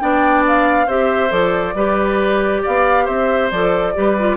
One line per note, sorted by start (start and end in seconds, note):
0.00 0.87 B3
0.00 0.88 D4
0.00 0.87 D5
0.00 0.44 G5
0.48 0.90 F5
0.87 1.31 C4
0.87 1.30 G4
0.87 1.75 C5
0.87 1.32 E5
1.30 1.75 F3
1.30 1.74 A4
1.30 2.63 D5
1.75 2.62 G3
1.75 3.52 G4
1.75 2.63 B4
2.63 3.08 B3
2.63 3.05 D5
2.63 3.07 F5
3.05 3.51 C4
3.05 3.93 C5
3.05 3.51 E5
3.51 3.95 F3
3.51 3.95 A4
3.51 4.37 D5
3.95 4.37 G3
3.95 4.17 G4
3.95 4.37 B4
4.19 4.37 F4